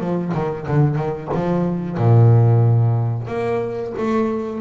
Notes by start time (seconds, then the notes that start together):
0.00 F3
0.34 D#3
0.67 D3
0.96 D#3
1.35 F3
1.98 A#2
3.28 A#3
3.98 A3